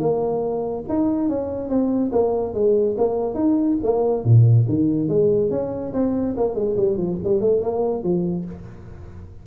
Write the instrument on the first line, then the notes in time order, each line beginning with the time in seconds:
tuba
0.00 A#3
0.90 D#4
1.29 C#4
1.70 C4
2.12 A#3
2.54 G#3
2.98 A#3
3.35 D#4
3.84 A#3
4.25 A#2
4.69 D#3
5.09 G#3
5.51 C#4
5.94 C4
6.37 A#3
6.55 G#3
6.77 G3
6.98 F3
7.25 G3
7.41 A3
7.61 A#3
8.04 F3